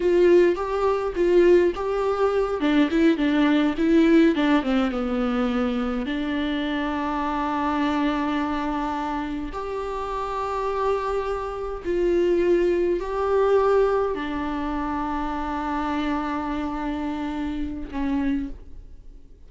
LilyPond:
\new Staff \with { instrumentName = "viola" } { \time 4/4 \tempo 4 = 104 f'4 g'4 f'4 g'4~ | g'8 d'8 e'8 d'4 e'4 d'8 | c'8 b2 d'4.~ | d'1~ |
d'8 g'2.~ g'8~ | g'8 f'2 g'4.~ | g'8 d'2.~ d'8~ | d'2. cis'4 | }